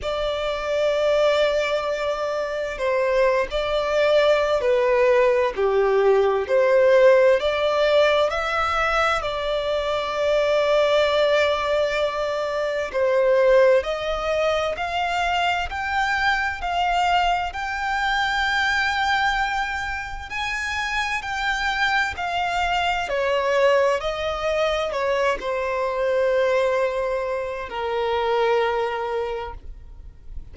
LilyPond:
\new Staff \with { instrumentName = "violin" } { \time 4/4 \tempo 4 = 65 d''2. c''8. d''16~ | d''4 b'4 g'4 c''4 | d''4 e''4 d''2~ | d''2 c''4 dis''4 |
f''4 g''4 f''4 g''4~ | g''2 gis''4 g''4 | f''4 cis''4 dis''4 cis''8 c''8~ | c''2 ais'2 | }